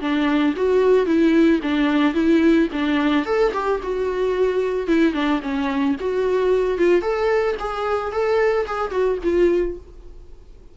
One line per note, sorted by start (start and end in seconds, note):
0.00 0.54 D4
0.57 1.06 F#4
1.06 1.60 E4
1.62 2.14 D4
2.14 2.68 E4
2.72 3.25 D4
3.25 3.52 A4
3.53 3.80 G4
3.83 4.87 F#4
4.87 5.13 E4
5.13 5.40 D4
5.42 5.96 C#4
6.00 6.78 F#4
6.78 7.01 F4
7.01 7.56 A4
7.59 8.12 G#4
8.12 8.66 A4
8.66 8.91 G#4
8.91 9.18 F#4
9.23 9.77 F4